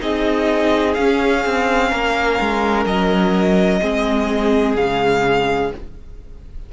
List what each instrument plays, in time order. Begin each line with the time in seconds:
0.00 cello C4, viola D#4, violin G#4 D#5
0.94 cello C#4, viola C#4, violin F5
1.45 cello C4
1.90 cello A#3, violin A#4
2.40 cello G#3
2.86 cello F#3, violin D#5
3.81 cello G#3, viola C4, violin G#4
4.76 cello C#3, viola G#3, violin F5